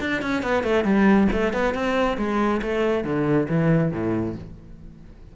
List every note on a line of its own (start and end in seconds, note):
0.00 0.21 D4
0.21 0.42 C#4
0.42 0.63 B3
0.63 0.84 A3
0.84 1.27 G3
1.32 1.53 A3
1.53 1.74 B3
1.74 2.17 C4
2.17 2.61 G#3
2.61 3.04 A3
3.04 3.47 D3
3.48 3.92 E3
3.92 4.35 A2